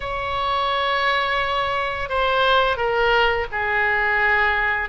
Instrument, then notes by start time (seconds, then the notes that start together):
oboe
0.00 C#5
2.09 C5
2.76 A#4
3.51 G#4